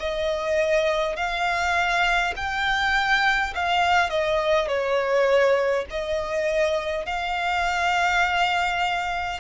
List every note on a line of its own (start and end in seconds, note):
0.00 1.17 D#5
1.17 2.34 F5
2.36 3.54 G5
3.55 4.10 F5
4.10 4.68 D#5
4.68 5.86 C#5
5.91 7.06 D#5
7.06 9.40 F5